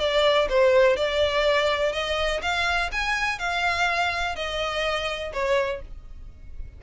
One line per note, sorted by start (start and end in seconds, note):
0.00 0.48 D5
0.49 0.97 C5
0.97 1.93 D5
1.93 2.41 D#5
2.42 2.91 F5
2.92 3.39 G#5
3.39 4.36 F5
4.36 5.33 D#5
5.34 5.82 C#5